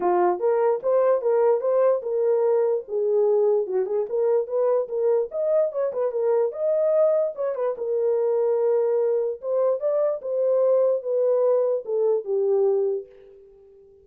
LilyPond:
\new Staff \with { instrumentName = "horn" } { \time 4/4 \tempo 4 = 147 f'4 ais'4 c''4 ais'4 | c''4 ais'2 gis'4~ | gis'4 fis'8 gis'8 ais'4 b'4 | ais'4 dis''4 cis''8 b'8 ais'4 |
dis''2 cis''8 b'8 ais'4~ | ais'2. c''4 | d''4 c''2 b'4~ | b'4 a'4 g'2 | }